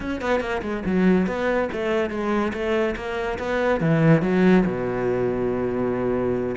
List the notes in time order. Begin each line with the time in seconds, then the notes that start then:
0.00 C#4
0.21 B3
0.40 A#3
0.62 G#3
0.85 F#3
1.26 B3
1.72 A3
2.10 G#3
2.53 A3
2.96 A#3
3.38 B3
3.80 E3
4.22 F#3
4.66 B2